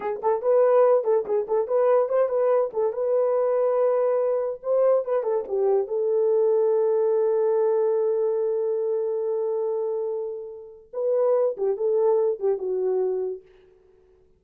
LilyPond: \new Staff \with { instrumentName = "horn" } { \time 4/4 \tempo 4 = 143 gis'8 a'8 b'4. a'8 gis'8 a'8 | b'4 c''8 b'4 a'8 b'4~ | b'2. c''4 | b'8 a'8 g'4 a'2~ |
a'1~ | a'1~ | a'2 b'4. g'8 | a'4. g'8 fis'2 | }